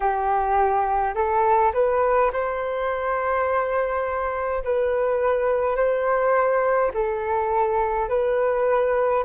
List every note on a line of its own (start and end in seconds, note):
0.00 1.14 G4
1.14 1.72 A4
1.73 2.31 B4
2.32 4.63 C5
4.64 5.75 B4
5.75 6.91 C5
6.93 8.08 A4
8.08 9.24 B4